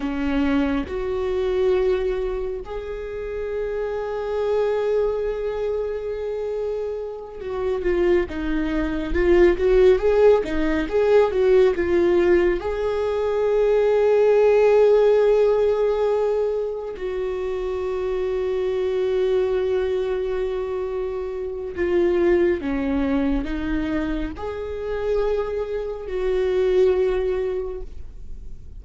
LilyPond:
\new Staff \with { instrumentName = "viola" } { \time 4/4 \tempo 4 = 69 cis'4 fis'2 gis'4~ | gis'1~ | gis'8 fis'8 f'8 dis'4 f'8 fis'8 gis'8 | dis'8 gis'8 fis'8 f'4 gis'4.~ |
gis'2.~ gis'8 fis'8~ | fis'1~ | fis'4 f'4 cis'4 dis'4 | gis'2 fis'2 | }